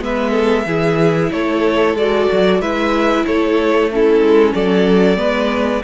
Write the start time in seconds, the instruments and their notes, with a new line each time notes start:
0.00 cello G#3, viola B3, violin B4 E5
0.31 violin A4
0.65 cello E3, viola E4, violin G#4
1.31 cello A3, violin A4 C#5
1.95 cello G#3, viola F#4, violin D5
2.31 cello F#3
2.59 cello G#3, viola E4, violin B4 E5
3.26 cello A3, violin A4 C#5
3.91 viola C#4, violin E4 A4
4.20 cello G#3
4.54 cello F#3, violin A4 D5
5.16 cello G#3, viola B3, violin B4